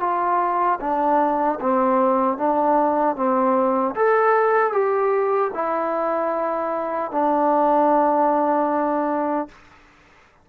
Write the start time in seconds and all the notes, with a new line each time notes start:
0.00 F4
0.80 D4
1.60 C4
2.38 D4
3.15 C4
3.95 A4
4.72 G4
5.54 E4
7.11 D4